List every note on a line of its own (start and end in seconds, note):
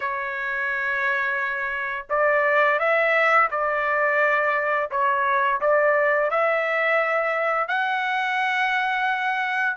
0.00 2.05 C#5
2.09 2.79 D5
2.79 3.49 E5
3.51 4.90 D5
4.90 5.60 C#5
5.60 6.30 D5
6.30 7.67 E5
7.67 9.76 F#5